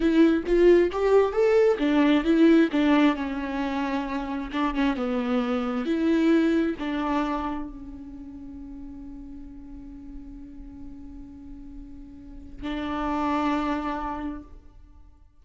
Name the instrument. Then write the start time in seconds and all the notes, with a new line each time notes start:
viola
0.00 E4
0.46 F4
0.91 G4
1.32 A4
1.78 D4
2.24 E4
2.72 D4
3.15 C#4
4.52 D4
4.74 C#4
4.96 B3
5.85 E4
6.79 D4
7.69 C#4
12.62 D4